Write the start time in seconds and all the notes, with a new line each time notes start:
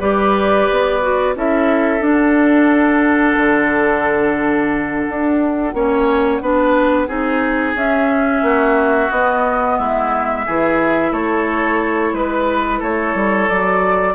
0.00 G3 G4 B4 D5
0.71 B3
1.02 F#4
1.36 C#4 E4 A4 E5
2.00 D4 F#5
3.37 D3
5.09 D4
5.74 A#3 C#4 C#5
6.41 B3 D4 B4
7.08 C4 D#4 G#4
7.75 C#4 E5
8.42 A#3 F#4
9.11 B3 D#5
9.79 G#3 E4 E5
10.46 E3 E4 G#4
11.12 A3 A4 C#5
12.13 G#3 B4
12.79 A3 A4 C#5
13.15 G3
13.49 F#3 F#4 D5